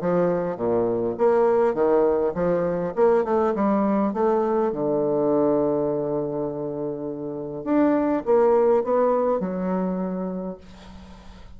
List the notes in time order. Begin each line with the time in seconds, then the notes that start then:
0.00 F3
0.56 A#2
1.17 A#3
1.74 D#3
2.34 F3
2.95 A#3
3.24 A3
3.55 G3
4.13 A3
4.72 D3
7.64 D4
8.25 A#3
8.83 B3
9.39 F#3